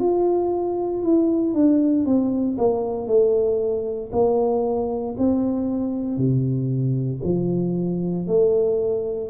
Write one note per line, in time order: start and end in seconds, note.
0.00 1.03 F4
1.03 1.54 E4
1.54 2.06 D4
2.06 2.58 C4
2.58 3.08 A#3
3.08 4.11 A3
4.13 5.16 A#3
5.19 6.18 C4
6.18 7.21 C3
7.24 8.27 F3
8.27 9.30 A3